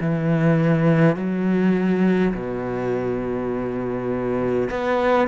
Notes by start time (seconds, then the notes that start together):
0.00 E3
1.16 F#3
2.34 B2
4.70 B3